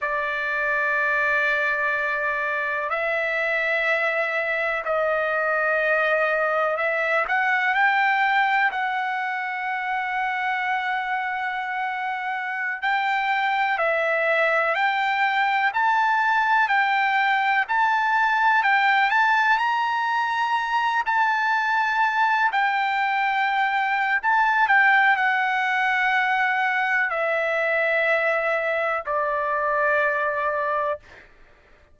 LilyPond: \new Staff \with { instrumentName = "trumpet" } { \time 4/4 \tempo 4 = 62 d''2. e''4~ | e''4 dis''2 e''8 fis''8 | g''4 fis''2.~ | fis''4~ fis''16 g''4 e''4 g''8.~ |
g''16 a''4 g''4 a''4 g''8 a''16~ | a''16 ais''4. a''4. g''8.~ | g''4 a''8 g''8 fis''2 | e''2 d''2 | }